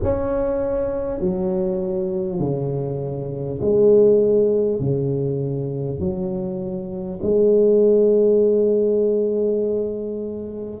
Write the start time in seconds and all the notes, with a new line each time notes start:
0.03 C#4
1.20 F#3
2.39 C#3
3.61 G#3
4.79 C#3
5.99 F#3
7.22 G#3